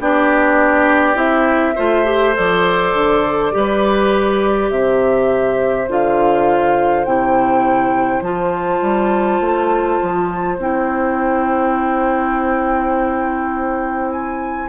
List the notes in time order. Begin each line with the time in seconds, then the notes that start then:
0.00 B3 D4 G4 D5
1.14 C4 E4 E5
1.75 A3 F4 C5
2.05 G4
2.35 F3 A4 D5
2.93 D3
3.52 G3 G4 B4
4.70 C3 C5 E5
5.88 D3 F4 F5
7.05 C3 E4 G5
8.21 F3 F4 A5
8.82 G3
9.40 A3
10.02 F3
10.58 C4 E4 G5
14.11 G#5